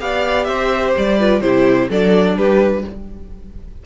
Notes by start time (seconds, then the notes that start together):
0.00 B3 G4 D5 F5
0.44 C4 C5 E5
0.97 G3 D5
1.19 F4 B4
1.41 C3 E4 G4 C5
1.89 F#3 D4 A4 D5
2.36 G3 G4 B4